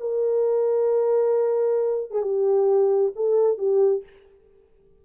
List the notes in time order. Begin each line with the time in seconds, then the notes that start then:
0.00 A#4
2.11 G#4
2.22 G4
3.16 A4
3.58 G4